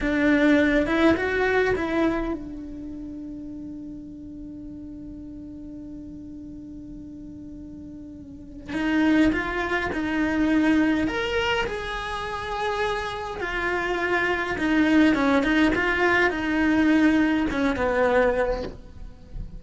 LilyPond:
\new Staff \with { instrumentName = "cello" } { \time 4/4 \tempo 4 = 103 d'4. e'8 fis'4 e'4 | d'1~ | d'1~ | d'2. dis'4 |
f'4 dis'2 ais'4 | gis'2. f'4~ | f'4 dis'4 cis'8 dis'8 f'4 | dis'2 cis'8 b4. | }